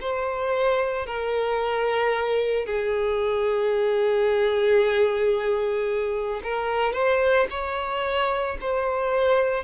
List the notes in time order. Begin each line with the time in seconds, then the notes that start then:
0.00 C5
1.06 A#4
2.65 G#4
6.43 A#4
6.93 C5
7.50 C#5
8.61 C5